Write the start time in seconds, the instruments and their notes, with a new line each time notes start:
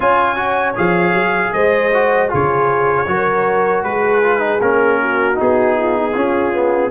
0.00 tuba C#4, trombone F4, horn C#5, trumpet G#5
0.35 trombone F#4
0.75 tuba F3, trombone G#4, trumpet F5
1.13 tuba F#3
1.53 tuba G#3, horn C5, trumpet D#5
1.93 trombone F#4
2.29 tuba C#3, trombone F4, horn G#4, trumpet C#5
3.07 tuba F#3, trombone F#4, horn A#4
3.83 tuba G#3, horn G#4, trumpet B4
4.22 trombone F4
4.39 trombone D#4
4.61 tuba A#3, trombone C#4, trumpet A#4
5.01 horn F#4
5.34 trombone D#4, trumpet G#4
5.40 tuba B3
5.78 horn F4
5.97 horn D#4
6.14 tuba C#4, trombone C#4, horn F4
6.52 trombone B3